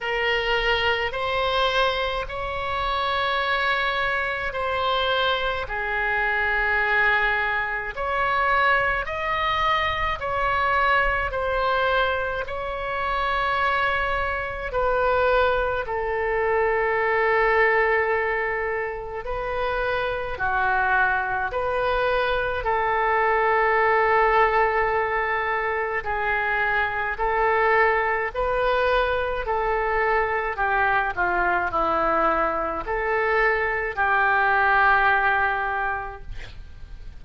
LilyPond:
\new Staff \with { instrumentName = "oboe" } { \time 4/4 \tempo 4 = 53 ais'4 c''4 cis''2 | c''4 gis'2 cis''4 | dis''4 cis''4 c''4 cis''4~ | cis''4 b'4 a'2~ |
a'4 b'4 fis'4 b'4 | a'2. gis'4 | a'4 b'4 a'4 g'8 f'8 | e'4 a'4 g'2 | }